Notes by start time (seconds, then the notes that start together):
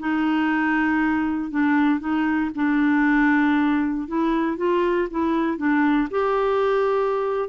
0.00 D#4
1.51 D4
2.00 D#4
2.56 D4
4.08 E4
4.58 F4
5.11 E4
5.58 D4
6.11 G4